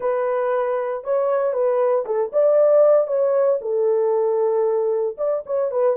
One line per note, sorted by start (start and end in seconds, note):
0.00 1.03 B4
1.04 1.53 C#5
1.53 2.04 B4
2.05 2.31 A4
2.32 3.07 D5
3.07 3.59 C#5
3.61 5.16 A4
5.17 5.43 D5
5.46 5.71 C#5
5.71 5.96 B4